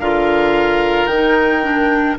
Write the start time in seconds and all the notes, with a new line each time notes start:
0.00 D3 F4 A#4 F5
1.06 D#3 G5
1.13 D#4
1.63 D4